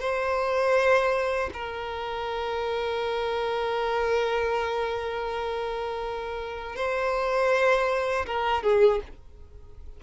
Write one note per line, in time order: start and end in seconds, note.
0.00 1.50 C5
1.53 6.76 A#4
6.76 8.26 C5
8.26 8.63 A#4
8.63 9.00 G#4